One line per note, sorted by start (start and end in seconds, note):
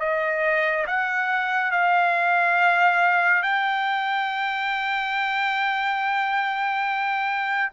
0.00 0.86 D#5
0.88 1.72 F#5
1.72 3.43 F5
3.43 7.71 G5